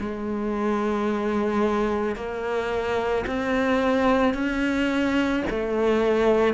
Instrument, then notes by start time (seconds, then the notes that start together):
cello
0.00 G#3
2.16 A#3
3.27 C4
4.34 C#4
5.50 A3